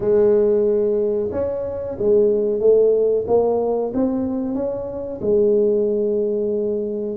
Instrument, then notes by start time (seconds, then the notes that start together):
tuba
0.00 G#3
1.31 C#4
1.98 G#3
2.59 A3
3.27 A#3
3.93 C4
4.54 C#4
5.21 G#3